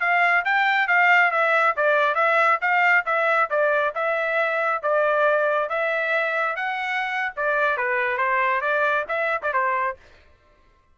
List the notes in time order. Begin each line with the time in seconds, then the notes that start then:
0.00 F5
0.45 G5
0.88 F5
1.31 E5
1.76 D5
2.15 E5
2.61 F5
3.06 E5
3.50 D5
3.95 E5
4.82 D5
5.69 E5
6.56 F#5
7.36 D5
7.77 B4
8.18 C5
8.61 D5
9.08 E5
9.42 D5
9.53 C5